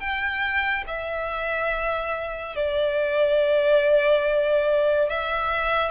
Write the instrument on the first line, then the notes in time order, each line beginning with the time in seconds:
violin
0.00 G5
0.87 E5
2.56 D5
5.10 E5